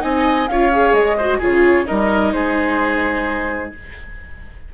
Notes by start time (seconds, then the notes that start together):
0.00 C4 D#4 D#5 G#5
0.48 C#4 F4 C#5 F5
0.72 G#4
0.93 G#3 D#5
1.18 F#4 C5
1.38 C#3 F4 G#4 C#5
1.86 G3 D#4 A#4 D#5
2.33 G#3 G#4 C5